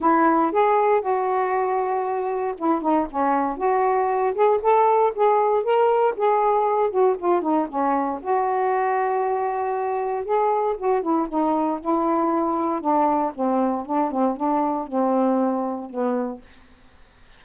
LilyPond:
\new Staff \with { instrumentName = "saxophone" } { \time 4/4 \tempo 4 = 117 e'4 gis'4 fis'2~ | fis'4 e'8 dis'8 cis'4 fis'4~ | fis'8 gis'8 a'4 gis'4 ais'4 | gis'4. fis'8 f'8 dis'8 cis'4 |
fis'1 | gis'4 fis'8 e'8 dis'4 e'4~ | e'4 d'4 c'4 d'8 c'8 | d'4 c'2 b4 | }